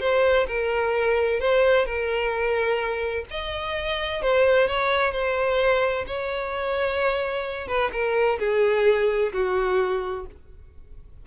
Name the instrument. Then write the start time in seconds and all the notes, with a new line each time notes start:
violin
0.00 C5
0.47 A#4
1.40 C5
1.85 A#4
3.30 D#5
4.22 C5
4.67 C#5
5.12 C5
6.07 C#5
7.67 B4
7.92 A#4
8.39 G#4
9.33 F#4